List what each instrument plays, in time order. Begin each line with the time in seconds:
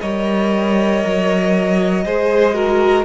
0.00 cello G3, viola A#4, violin C#5 D#5
1.05 cello F#3
2.05 cello G#3, viola G#4, violin C5
2.54 viola F#4, violin A#4